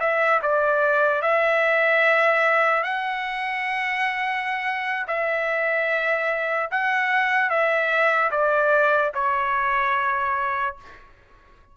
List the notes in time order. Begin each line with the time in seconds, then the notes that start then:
0.00 E5
0.42 D5
1.22 E5
2.84 F#5
5.08 E5
6.71 F#5
7.50 E5
8.31 D5
9.14 C#5